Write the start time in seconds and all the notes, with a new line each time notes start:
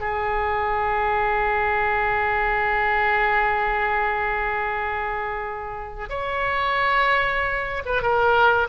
0.00 G#4
6.09 C#5
7.85 B4
8.02 A#4